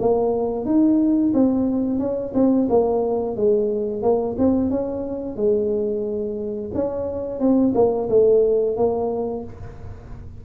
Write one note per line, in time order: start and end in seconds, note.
0.00 0.66 A#3
0.66 1.33 D#4
1.34 1.99 C4
1.99 2.33 C#4
2.34 2.68 C4
2.69 3.36 A#3
3.36 4.03 G#3
4.03 4.36 A#3
4.38 4.71 C4
4.71 5.36 C#4
5.36 6.71 G#3
6.74 7.40 C#4
7.40 7.74 C4
7.75 8.09 A#3
8.09 8.77 A3
8.77 9.44 A#3